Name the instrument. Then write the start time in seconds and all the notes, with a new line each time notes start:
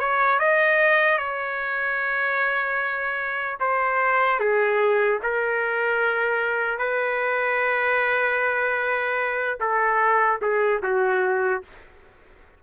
trumpet
0.00 C#5
0.40 D#5
1.19 C#5
3.60 C5
4.40 G#4
5.23 A#4
6.79 B4
9.60 A4
10.42 G#4
10.83 F#4